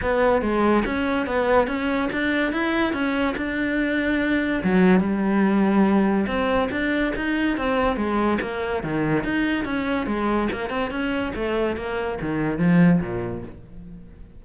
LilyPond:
\new Staff \with { instrumentName = "cello" } { \time 4/4 \tempo 4 = 143 b4 gis4 cis'4 b4 | cis'4 d'4 e'4 cis'4 | d'2. fis4 | g2. c'4 |
d'4 dis'4 c'4 gis4 | ais4 dis4 dis'4 cis'4 | gis4 ais8 c'8 cis'4 a4 | ais4 dis4 f4 ais,4 | }